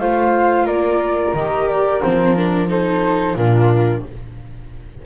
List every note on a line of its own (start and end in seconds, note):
0.00 0.66 A3
0.00 1.36 F4
0.00 0.65 C5
0.00 0.67 F5
0.65 1.34 A#3
0.65 2.68 A#4
0.65 1.34 D5
1.34 2.02 D#3
1.34 2.03 G4
1.34 1.68 D#5
1.68 2.02 D5
2.03 3.36 F3
2.03 2.36 C4
2.03 2.36 C5
2.36 2.68 D4
2.36 2.69 A#4
2.68 3.36 D#4
2.68 3.35 A4
2.68 3.37 C5
3.35 4.03 A#2
3.35 4.06 D4
3.35 4.02 F4
3.35 4.04 A#4